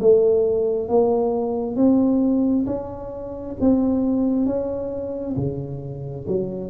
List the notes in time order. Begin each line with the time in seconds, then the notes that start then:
0.00 A3
0.88 A#3
1.76 C4
2.66 C#4
3.60 C4
4.46 C#4
5.36 C#3
6.27 F#3